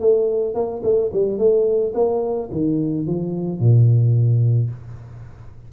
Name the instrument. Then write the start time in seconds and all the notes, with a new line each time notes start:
tuba
0.00 A3
0.54 A#3
0.83 A3
1.12 G3
1.38 A3
1.94 A#3
2.51 D#3
3.07 F3
3.60 A#2